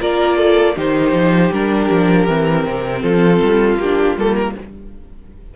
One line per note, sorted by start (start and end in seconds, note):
0.00 0.77 A#3
0.00 0.76 F4
0.00 0.37 A#4
0.00 0.78 D5
0.37 0.75 A4
0.76 1.12 D#3
0.76 1.52 D#4
0.76 3.03 G4
0.76 1.53 C5
1.12 1.50 F3
1.52 1.90 G3
1.52 2.28 D4
1.52 3.02 A#4
1.91 2.28 F3
2.28 2.66 E3
2.28 3.80 C4
2.66 3.03 C3
3.02 3.41 F3
3.02 4.55 F4
3.02 3.78 A4
3.43 3.77 G3
3.77 4.15 A#3
3.77 4.18 G4
3.83 4.18 D4
4.17 4.55 G3
4.17 4.56 A#3
4.17 4.36 A4
4.36 4.55 A#4